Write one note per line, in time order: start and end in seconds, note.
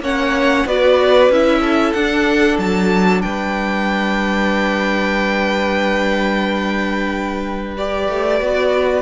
0.00 0.65 A#3
0.00 0.67 C#4
0.00 0.67 C#5
0.00 0.68 F#5
0.66 1.29 B3
0.66 1.32 F#4
0.66 1.61 B4
0.66 1.32 D5
1.29 1.94 C#4
1.29 1.97 E4
1.29 1.93 E5
1.61 3.22 A4
1.93 2.59 D4
1.93 7.77 D4
1.93 2.58 F#5
2.59 3.23 F#3
2.59 3.22 A5
3.22 8.09 G3
3.22 9.02 B4
3.22 7.74 G5
7.77 8.41 G4
7.77 9.02 D5
8.09 8.41 A3
8.41 9.02 B3
8.41 9.02 F#4